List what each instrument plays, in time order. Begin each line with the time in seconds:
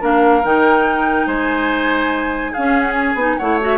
0.00 bassoon A#3, clarinet D4, oboe A#4, flute F5
0.44 bassoon D#3, clarinet D#4, flute G5
1.26 bassoon G#3, oboe C5, flute G#5
2.51 clarinet C#4, bassoon C#4, oboe G#4, flute F5
2.81 flute F#5
2.95 flute G#5
3.14 bassoon B3, clarinet D#4
3.37 bassoon A3, clarinet E4, oboe C#5, flute F#5
3.60 clarinet F#4, flute E5